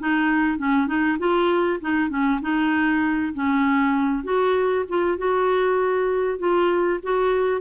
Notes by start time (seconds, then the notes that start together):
0.00 D#4
0.59 C#4
0.87 D#4
1.19 F4
1.81 D#4
2.10 C#4
2.42 D#4
3.34 C#4
4.24 F#4
4.89 F4
5.18 F#4
6.39 F4
7.04 F#4